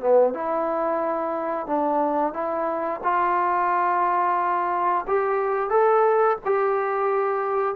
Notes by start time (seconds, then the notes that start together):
0.00 B3
0.34 E4
1.67 D4
2.33 E4
3.03 F4
5.07 G4
5.70 A4
6.45 G4